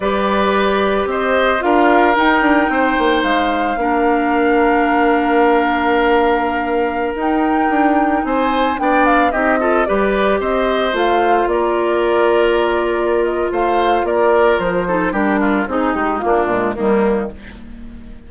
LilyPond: <<
  \new Staff \with { instrumentName = "flute" } { \time 4/4 \tempo 4 = 111 d''2 dis''4 f''4 | g''2 f''2~ | f''1~ | f''4~ f''16 g''2 gis''8.~ |
gis''16 g''8 f''8 dis''4 d''4 dis''8.~ | dis''16 f''4 d''2~ d''8.~ | d''8 dis''8 f''4 d''4 c''4 | ais'4 gis'8 g'8 f'4 dis'4 | }
  \new Staff \with { instrumentName = "oboe" } { \time 4/4 b'2 c''4 ais'4~ | ais'4 c''2 ais'4~ | ais'1~ | ais'2.~ ais'16 c''8.~ |
c''16 d''4 g'8 a'8 b'4 c''8.~ | c''4~ c''16 ais'2~ ais'8.~ | ais'4 c''4 ais'4. a'8 | g'8 f'8 dis'4 d'4 ais4 | }
  \new Staff \with { instrumentName = "clarinet" } { \time 4/4 g'2. f'4 | dis'2. d'4~ | d'1~ | d'4~ d'16 dis'2~ dis'8.~ |
dis'16 d'4 dis'8 f'8 g'4.~ g'16~ | g'16 f'2.~ f'8.~ | f'2.~ f'8 dis'8 | d'4 dis'4 ais8 gis8 g4 | }
  \new Staff \with { instrumentName = "bassoon" } { \time 4/4 g2 c'4 d'4 | dis'8 d'8 c'8 ais8 gis4 ais4~ | ais1~ | ais4~ ais16 dis'4 d'4 c'8.~ |
c'16 b4 c'4 g4 c'8.~ | c'16 a4 ais2~ ais8.~ | ais4 a4 ais4 f4 | g4 c'8 gis8 ais8 ais,8 dis4 | }
>>